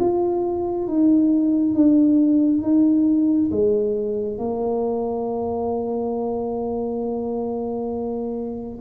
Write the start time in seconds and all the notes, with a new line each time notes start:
0.00 F4
0.88 D#4
1.75 D4
2.62 D#4
3.52 G#3
4.38 A#3